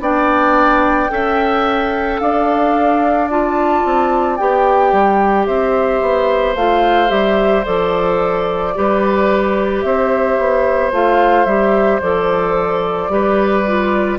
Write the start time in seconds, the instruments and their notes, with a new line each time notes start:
0.00 bassoon B3, clarinet D4, oboe D5, flute G5
1.09 bassoon C#4, clarinet A4, oboe E5
2.20 bassoon D4, oboe D5, flute F5
3.30 clarinet F4, flute A5
3.85 bassoon C4
4.37 bassoon B3, clarinet G4, flute G5
4.93 bassoon G3
5.46 bassoon C4, oboe C5, flute E5
6.02 bassoon B3
6.56 bassoon A3, clarinet F4, flute F5
7.08 bassoon G3, clarinet G4, flute E5
7.65 bassoon F3, clarinet A4, flute D5
8.75 bassoon G3, clarinet G4, oboe B4
9.82 bassoon C4, oboe C5, flute E5
10.38 bassoon B3
10.92 bassoon A3, clarinet F4, flute F5
11.46 bassoon G3, clarinet G4, flute E5
12.01 bassoon F3, clarinet A4, flute D5
13.09 bassoon G3, clarinet G4, oboe B4
13.67 clarinet F4